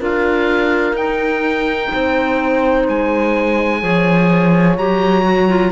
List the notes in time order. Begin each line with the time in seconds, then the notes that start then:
0.00 D4 F4 A#4 F5
0.93 D#4 G5
1.93 C4 C5
2.88 G#3 G#5
3.81 F3 G#4 C#5
4.78 F#3 G4 A#5
5.24 F#4
5.49 F4